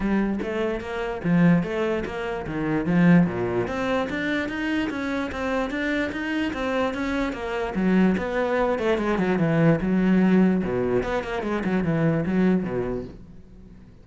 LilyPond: \new Staff \with { instrumentName = "cello" } { \time 4/4 \tempo 4 = 147 g4 a4 ais4 f4 | a4 ais4 dis4 f4 | ais,4 c'4 d'4 dis'4 | cis'4 c'4 d'4 dis'4 |
c'4 cis'4 ais4 fis4 | b4. a8 gis8 fis8 e4 | fis2 b,4 b8 ais8 | gis8 fis8 e4 fis4 b,4 | }